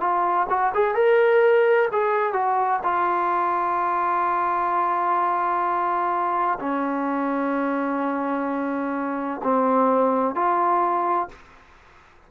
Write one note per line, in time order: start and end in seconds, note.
0.00 0.47 F4
0.49 0.73 F#4
0.74 0.95 G#4
0.95 1.89 A#4
1.92 2.33 G#4
2.33 2.80 F#4
2.84 6.59 F4
6.60 9.41 C#4
9.43 10.35 C4
10.35 11.29 F4